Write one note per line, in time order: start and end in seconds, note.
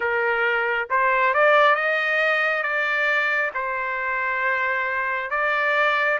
0.00 0.88 A#4
0.90 1.34 C5
1.34 1.75 D5
1.75 2.62 D#5
2.62 3.51 D5
3.54 5.30 C5
5.30 6.18 D5